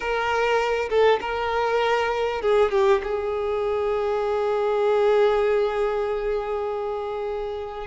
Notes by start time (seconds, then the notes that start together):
0.00 A#4
0.89 A4
1.21 A#4
2.41 G#4
2.71 G4
3.03 G#4